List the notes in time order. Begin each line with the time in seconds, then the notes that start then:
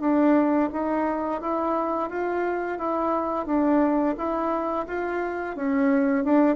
0.00 D4
0.72 D#4
1.41 E4
2.09 F4
2.78 E4
3.46 D4
4.17 E4
4.87 F4
5.55 C#4
6.24 D4